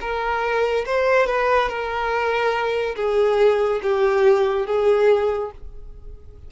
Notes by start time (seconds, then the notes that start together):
0.00 A#4
0.85 C5
1.26 B4
1.69 A#4
2.96 G#4
3.83 G4
4.66 G#4